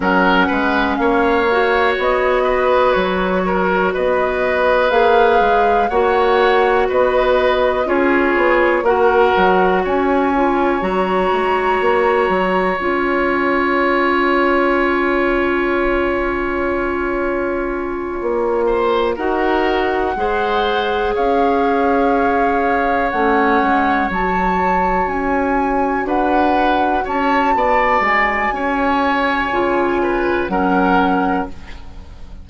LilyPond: <<
  \new Staff \with { instrumentName = "flute" } { \time 4/4 \tempo 4 = 61 fis''4 f''4 dis''4 cis''4 | dis''4 f''4 fis''4 dis''4 | cis''4 fis''4 gis''4 ais''4~ | ais''4 gis''2.~ |
gis''2.~ gis''8 fis''8~ | fis''4. f''2 fis''8~ | fis''8 a''4 gis''4 fis''4 a''8~ | a''8 gis''2~ gis''8 fis''4 | }
  \new Staff \with { instrumentName = "oboe" } { \time 4/4 ais'8 b'8 cis''4. b'4 ais'8 | b'2 cis''4 b'4 | gis'4 ais'4 cis''2~ | cis''1~ |
cis''2. c''8 ais'8~ | ais'8 c''4 cis''2~ cis''8~ | cis''2~ cis''8 b'4 cis''8 | d''4 cis''4. b'8 ais'4 | }
  \new Staff \with { instrumentName = "clarinet" } { \time 4/4 cis'4. fis'2~ fis'8~ | fis'4 gis'4 fis'2 | f'4 fis'4. f'8 fis'4~ | fis'4 f'2.~ |
f'2.~ f'8 fis'8~ | fis'8 gis'2. cis'8~ | cis'8 fis'2.~ fis'8~ | fis'2 f'4 cis'4 | }
  \new Staff \with { instrumentName = "bassoon" } { \time 4/4 fis8 gis8 ais4 b4 fis4 | b4 ais8 gis8 ais4 b4 | cis'8 b8 ais8 fis8 cis'4 fis8 gis8 | ais8 fis8 cis'2.~ |
cis'2~ cis'8 ais4 dis'8~ | dis'8 gis4 cis'2 a8 | gis8 fis4 cis'4 d'4 cis'8 | b8 gis8 cis'4 cis4 fis4 | }
>>